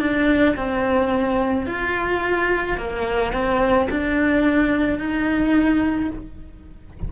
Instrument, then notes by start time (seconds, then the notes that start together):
cello
0.00 D4
0.57 C4
1.67 F4
2.78 A#3
3.33 C4
3.90 D4
4.99 D#4